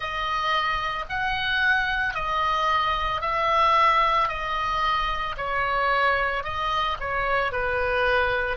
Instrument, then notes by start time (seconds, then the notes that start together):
oboe
0.00 D#5
1.09 F#5
2.14 D#5
3.21 E5
4.28 D#5
5.37 C#5
6.43 D#5
7.00 C#5
7.51 B4